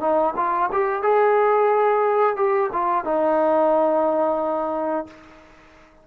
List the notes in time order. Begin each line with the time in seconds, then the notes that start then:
0.00 D#4
0.36 F4
0.72 G4
1.02 G#4
2.36 G4
2.72 F4
3.05 D#4